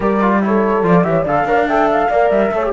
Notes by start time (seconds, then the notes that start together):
0.00 G3 G4 A#4 D5
0.21 F4
0.41 E4 A4 C#5
0.82 F3 F4 D5
1.03 E3 G4 C#5 E5
1.22 D3 A4 D5 F5
1.44 D4 A#4 C#5
1.56 D5
1.67 A4 E5 G5
1.92 F5
2.09 A#3 A#4 D5
2.30 G3 E5
2.51 A3 A4 C#5
2.63 G4